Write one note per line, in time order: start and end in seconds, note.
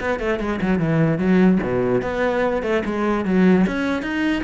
0.00 0.19 B3
0.19 0.39 A3
0.39 0.60 G#3
0.61 0.79 F#3
0.79 1.18 E3
1.18 1.58 F#3
1.62 2.02 B2
2.02 2.62 B3
2.62 2.83 A3
2.85 3.25 G#3
3.25 3.65 F#3
3.67 4.02 C#4
4.02 4.42 D#4